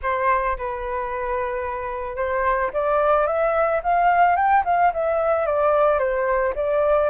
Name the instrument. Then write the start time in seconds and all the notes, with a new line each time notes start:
flute
0.02 C5
0.57 B4
2.16 C5
2.73 D5
3.26 E5
3.83 F5
4.36 G5
4.65 F5
4.93 E5
5.45 D5
5.99 C5
6.55 D5